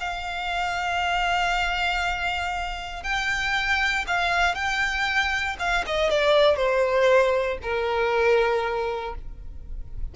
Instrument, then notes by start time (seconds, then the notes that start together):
violin
0.00 F5
3.03 G5
4.07 F5
4.55 G5
5.59 F5
5.86 D#5
6.10 D5
6.56 C5
7.62 A#4